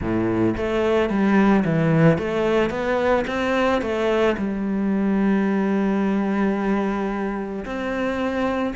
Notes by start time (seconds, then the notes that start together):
0.01 A2
0.57 A3
1.09 G3
1.65 E3
2.18 A3
2.70 B3
3.27 C4
3.81 A3
4.37 G3
7.65 C4